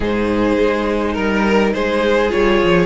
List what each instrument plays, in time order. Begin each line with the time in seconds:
0.00 cello G#2, viola D#4, violin G#4 C5
0.59 cello G#3
1.13 cello G3, violin A#4
1.73 cello G#3, violin G#4 C5
2.29 cello G3, viola F4, violin C#5
2.63 cello F3